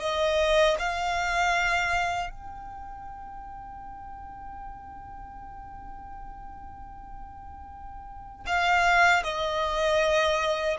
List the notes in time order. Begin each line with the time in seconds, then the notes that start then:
0.00 D#5
0.79 F5
2.30 G5
8.46 F5
9.23 D#5